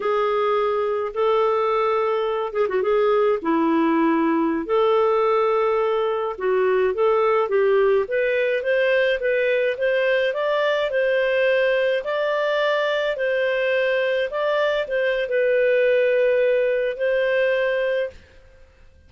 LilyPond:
\new Staff \with { instrumentName = "clarinet" } { \time 4/4 \tempo 4 = 106 gis'2 a'2~ | a'8 gis'16 fis'16 gis'4 e'2~ | e'16 a'2. fis'8.~ | fis'16 a'4 g'4 b'4 c''8.~ |
c''16 b'4 c''4 d''4 c''8.~ | c''4~ c''16 d''2 c''8.~ | c''4~ c''16 d''4 c''8. b'4~ | b'2 c''2 | }